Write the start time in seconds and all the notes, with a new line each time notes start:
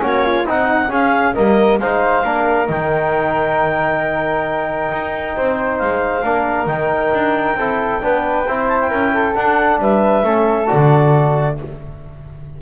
0.00 A#3 C#4 F#4 C#5
0.25 F4
0.46 C4 D#4 F#5
0.89 C#4 G#4 F5
1.35 G3 A#3 A#4 D#5
1.79 G#3 D#4 C5 F5
2.25 A#3 D4 A#4
2.67 D#3 D#4 G5
4.92 D#4
5.36 C4 C5
5.79 G#3 F5
6.24 A#3 D4 A#4
6.67 D#3 D#4 G5
7.14 D4
7.55 C4 E4 A4
8.02 B3 D4 B4
8.47 C4 E4 C5
8.68 A5
8.81 G5
8.89 C#4 A#4
9.14 A4
9.35 D4 F#5
9.79 G3 B4 E5
10.24 A3 C#4 A4
10.67 D3 F#4 D5